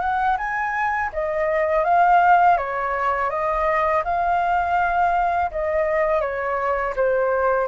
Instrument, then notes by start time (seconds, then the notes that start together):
flute
0.00 F#5
0.37 G#5
1.12 D#5
1.84 F5
2.57 C#5
3.30 D#5
4.04 F5
5.51 D#5
6.21 C#5
6.96 C5